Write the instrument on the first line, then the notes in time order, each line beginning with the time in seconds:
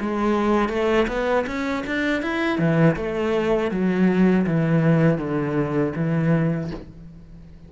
cello
0.00 G#3
0.69 A3
1.08 B3
1.46 C#4
1.86 D4
2.22 E4
2.58 E3
2.96 A3
3.71 F#3
4.46 E3
5.18 D3
5.95 E3